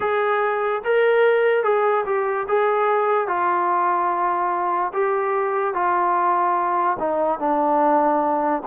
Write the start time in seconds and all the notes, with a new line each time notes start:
0.00 G#4
0.84 A#4
1.63 G#4
2.05 G4
2.47 G#4
3.27 F4
4.93 G4
5.73 F4
6.99 D#4
7.39 D4